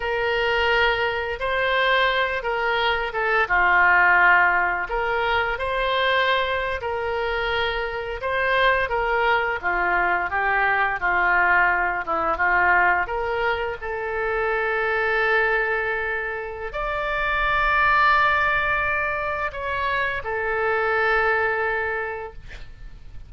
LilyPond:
\new Staff \with { instrumentName = "oboe" } { \time 4/4 \tempo 4 = 86 ais'2 c''4. ais'8~ | ais'8 a'8 f'2 ais'4 | c''4.~ c''16 ais'2 c''16~ | c''8. ais'4 f'4 g'4 f'16~ |
f'4~ f'16 e'8 f'4 ais'4 a'16~ | a'1 | d''1 | cis''4 a'2. | }